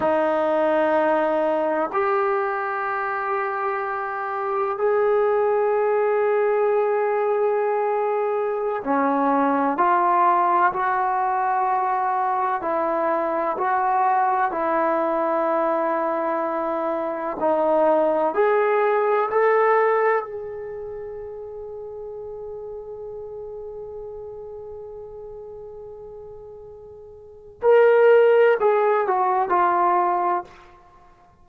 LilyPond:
\new Staff \with { instrumentName = "trombone" } { \time 4/4 \tempo 4 = 63 dis'2 g'2~ | g'4 gis'2.~ | gis'4~ gis'16 cis'4 f'4 fis'8.~ | fis'4~ fis'16 e'4 fis'4 e'8.~ |
e'2~ e'16 dis'4 gis'8.~ | gis'16 a'4 gis'2~ gis'8.~ | gis'1~ | gis'4 ais'4 gis'8 fis'8 f'4 | }